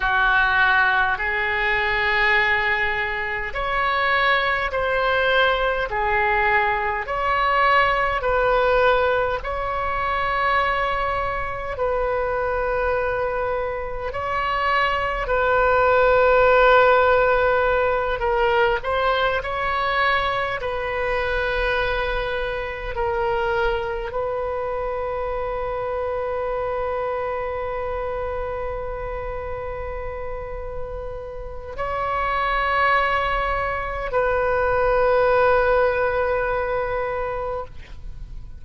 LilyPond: \new Staff \with { instrumentName = "oboe" } { \time 4/4 \tempo 4 = 51 fis'4 gis'2 cis''4 | c''4 gis'4 cis''4 b'4 | cis''2 b'2 | cis''4 b'2~ b'8 ais'8 |
c''8 cis''4 b'2 ais'8~ | ais'8 b'2.~ b'8~ | b'2. cis''4~ | cis''4 b'2. | }